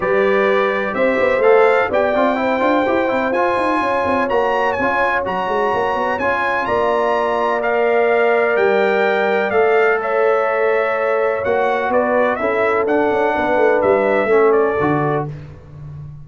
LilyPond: <<
  \new Staff \with { instrumentName = "trumpet" } { \time 4/4 \tempo 4 = 126 d''2 e''4 f''4 | g''2. gis''4~ | gis''4 ais''4 gis''4 ais''4~ | ais''4 gis''4 ais''2 |
f''2 g''2 | f''4 e''2. | fis''4 d''4 e''4 fis''4~ | fis''4 e''4. d''4. | }
  \new Staff \with { instrumentName = "horn" } { \time 4/4 b'2 c''2 | d''4 c''2. | cis''1~ | cis''2 d''2~ |
d''1~ | d''4 cis''2.~ | cis''4 b'4 a'2 | b'2 a'2 | }
  \new Staff \with { instrumentName = "trombone" } { \time 4/4 g'2. a'4 | g'8 f'8 e'8 f'8 g'8 e'8 f'4~ | f'4 fis'4 f'4 fis'4~ | fis'4 f'2. |
ais'1 | a'1 | fis'2 e'4 d'4~ | d'2 cis'4 fis'4 | }
  \new Staff \with { instrumentName = "tuba" } { \time 4/4 g2 c'8 b8 a4 | b8 c'4 d'8 e'8 c'8 f'8 dis'8 | cis'8 c'8 ais4 cis'4 fis8 gis8 | ais8 b8 cis'4 ais2~ |
ais2 g2 | a1 | ais4 b4 cis'4 d'8 cis'8 | b8 a8 g4 a4 d4 | }
>>